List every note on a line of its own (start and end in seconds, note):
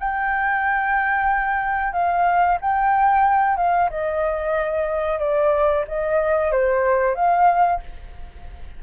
0.00 1.93 G5
1.93 2.58 F5
2.61 3.57 G5
3.57 3.90 F5
3.90 5.20 D#5
5.20 5.85 D5
5.88 6.52 D#5
6.52 7.15 C5
7.15 7.81 F5